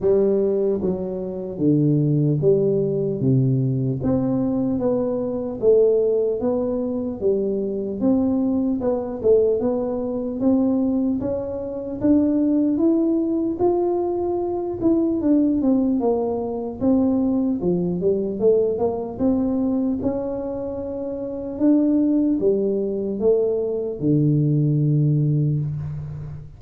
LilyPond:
\new Staff \with { instrumentName = "tuba" } { \time 4/4 \tempo 4 = 75 g4 fis4 d4 g4 | c4 c'4 b4 a4 | b4 g4 c'4 b8 a8 | b4 c'4 cis'4 d'4 |
e'4 f'4. e'8 d'8 c'8 | ais4 c'4 f8 g8 a8 ais8 | c'4 cis'2 d'4 | g4 a4 d2 | }